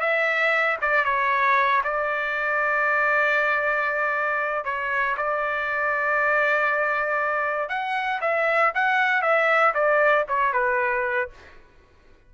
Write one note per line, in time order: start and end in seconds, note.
0.00 0.77 E5
0.81 1.05 D5
1.05 1.82 C#5
1.83 4.65 D5
4.65 5.16 C#5
5.17 7.69 D5
7.69 8.20 F#5
8.21 8.72 E5
8.74 9.22 F#5
9.22 9.73 E5
9.74 10.25 D5
10.28 10.53 C#5
10.53 11.30 B4